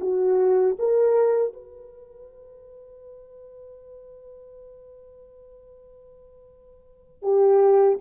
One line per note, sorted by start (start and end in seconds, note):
0.00 0.76 F#4
0.78 1.53 A#4
1.53 7.22 B4
7.22 7.98 G4